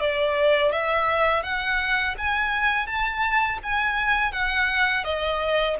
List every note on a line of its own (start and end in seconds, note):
0.00 0.72 D5
0.72 1.43 E5
1.43 2.15 F#5
2.18 2.87 G#5
2.87 3.59 A5
3.63 4.32 G#5
4.32 5.04 F#5
5.04 5.76 D#5